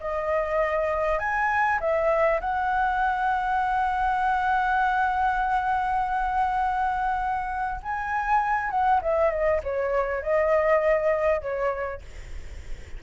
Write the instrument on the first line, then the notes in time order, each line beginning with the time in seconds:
flute
0.00 D#5
1.19 G#5
1.80 E5
2.41 F#5
7.83 G#5
8.71 F#5
9.02 E5
9.31 D#5
9.63 C#5
10.22 D#5
11.41 C#5